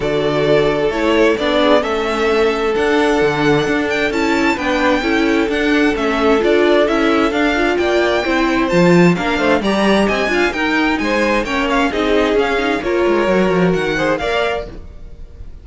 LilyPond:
<<
  \new Staff \with { instrumentName = "violin" } { \time 4/4 \tempo 4 = 131 d''2 cis''4 d''4 | e''2 fis''2~ | fis''8 g''8 a''4 g''2 | fis''4 e''4 d''4 e''4 |
f''4 g''2 a''4 | f''4 ais''4 gis''4 g''4 | gis''4 g''8 f''8 dis''4 f''4 | cis''2 fis''4 f''4 | }
  \new Staff \with { instrumentName = "violin" } { \time 4/4 a'2.~ a'8 gis'8 | a'1~ | a'2 b'4 a'4~ | a'1~ |
a'4 d''4 c''2 | ais'8 c''8 d''4 dis''8 f''8 ais'4 | c''4 cis''4 gis'2 | ais'2~ ais'8 c''8 d''4 | }
  \new Staff \with { instrumentName = "viola" } { \time 4/4 fis'2 e'4 d'4 | cis'2 d'2~ | d'4 e'4 d'4 e'4 | d'4 cis'4 f'4 e'4 |
d'8 f'4. e'4 f'4 | d'4 g'4. f'8 dis'4~ | dis'4 cis'4 dis'4 cis'8 dis'8 | f'4 fis'4. gis'8 ais'4 | }
  \new Staff \with { instrumentName = "cello" } { \time 4/4 d2 a4 b4 | a2 d'4 d4 | d'4 cis'4 b4 cis'4 | d'4 a4 d'4 cis'4 |
d'4 ais4 c'4 f4 | ais8 a8 g4 c'8 d'8 dis'4 | gis4 ais4 c'4 cis'4 | ais8 gis8 fis8 f8 dis4 ais4 | }
>>